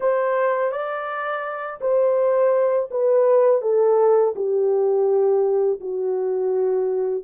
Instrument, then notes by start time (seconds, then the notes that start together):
horn
0.00 C5
0.71 D5
1.80 C5
2.90 B4
3.61 A4
4.35 G4
5.80 F#4